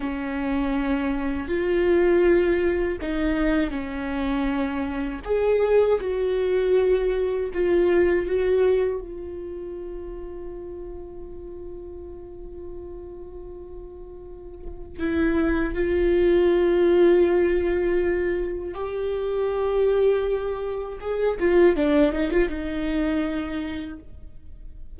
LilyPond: \new Staff \with { instrumentName = "viola" } { \time 4/4 \tempo 4 = 80 cis'2 f'2 | dis'4 cis'2 gis'4 | fis'2 f'4 fis'4 | f'1~ |
f'1 | e'4 f'2.~ | f'4 g'2. | gis'8 f'8 d'8 dis'16 f'16 dis'2 | }